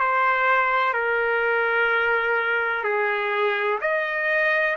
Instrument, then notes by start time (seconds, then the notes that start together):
trumpet
0.00 C5
0.94 A#4
2.84 G#4
3.81 D#5